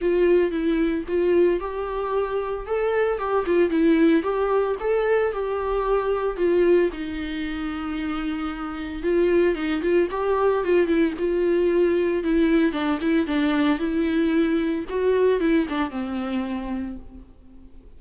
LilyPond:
\new Staff \with { instrumentName = "viola" } { \time 4/4 \tempo 4 = 113 f'4 e'4 f'4 g'4~ | g'4 a'4 g'8 f'8 e'4 | g'4 a'4 g'2 | f'4 dis'2.~ |
dis'4 f'4 dis'8 f'8 g'4 | f'8 e'8 f'2 e'4 | d'8 e'8 d'4 e'2 | fis'4 e'8 d'8 c'2 | }